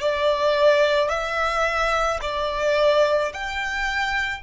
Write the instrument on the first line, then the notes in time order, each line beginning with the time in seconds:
violin
0.00 D5
1.09 E5
2.21 D5
3.33 G5